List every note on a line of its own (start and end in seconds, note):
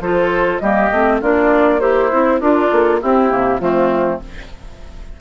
0.00 0.60 F3
0.00 0.62 F4
0.00 0.62 A4
0.00 0.59 C5
0.59 0.90 G3
0.59 0.92 A#3
0.59 1.21 G4
0.59 1.19 D#5
0.91 1.21 A3
0.91 1.21 C4
1.21 2.12 A#3
1.21 1.79 D4
1.21 1.80 F4
1.21 1.79 D5
1.79 2.40 E4
1.79 2.09 G4
1.79 2.39 C5
2.12 2.41 C4
2.12 2.41 E4
2.40 3.00 D4
2.40 2.71 D4
2.40 3.01 F4
2.40 2.70 A#4
2.71 3.02 A#3
2.71 3.01 A4
3.02 3.29 C4
3.02 3.32 C4
3.02 3.60 E4
3.02 3.59 G4
3.29 3.60 C3
3.29 3.59 A#3
3.59 4.20 F3
3.59 4.21 A3
3.59 4.20 C4
3.59 4.19 F4